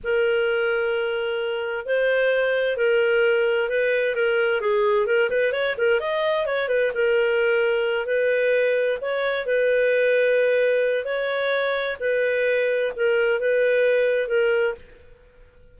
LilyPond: \new Staff \with { instrumentName = "clarinet" } { \time 4/4 \tempo 4 = 130 ais'1 | c''2 ais'2 | b'4 ais'4 gis'4 ais'8 b'8 | cis''8 ais'8 dis''4 cis''8 b'8 ais'4~ |
ais'4. b'2 cis''8~ | cis''8 b'2.~ b'8 | cis''2 b'2 | ais'4 b'2 ais'4 | }